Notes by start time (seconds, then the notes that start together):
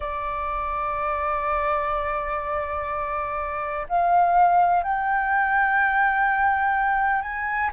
0.00 D5
3.88 F5
4.83 G5
7.22 G#5